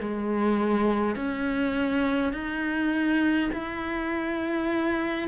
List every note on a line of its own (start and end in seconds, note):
0.00 1.16 G#3
1.16 2.33 C#4
2.33 3.50 D#4
3.53 5.28 E4